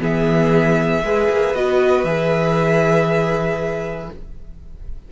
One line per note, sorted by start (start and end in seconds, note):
0.00 1.03 E3
0.00 1.03 B3
0.00 1.05 G#4
0.00 1.55 E5
1.04 1.29 G#3
1.04 1.56 G#4
1.04 4.12 B4
1.30 1.55 A#3
1.55 2.04 B3
1.55 2.06 F#4
1.55 2.05 D#5
2.04 4.10 E3
2.04 4.12 G#4
2.04 4.10 E5